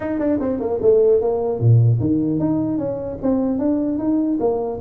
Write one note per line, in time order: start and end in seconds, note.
0.00 0.19 D#4
0.19 0.39 D4
0.40 0.59 C4
0.59 0.79 A#3
0.81 1.21 A3
1.21 1.59 A#3
1.59 1.99 A#2
2.00 2.39 D#3
2.39 2.78 D#4
2.78 3.18 C#4
3.22 3.58 C4
3.58 3.98 D4
3.98 4.38 D#4
4.39 4.79 A#3